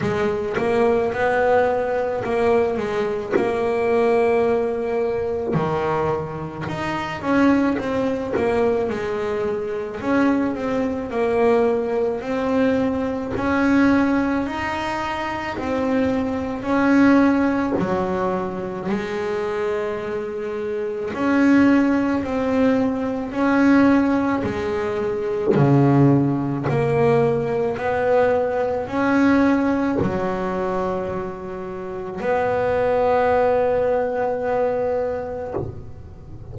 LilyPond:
\new Staff \with { instrumentName = "double bass" } { \time 4/4 \tempo 4 = 54 gis8 ais8 b4 ais8 gis8 ais4~ | ais4 dis4 dis'8 cis'8 c'8 ais8 | gis4 cis'8 c'8 ais4 c'4 | cis'4 dis'4 c'4 cis'4 |
fis4 gis2 cis'4 | c'4 cis'4 gis4 cis4 | ais4 b4 cis'4 fis4~ | fis4 b2. | }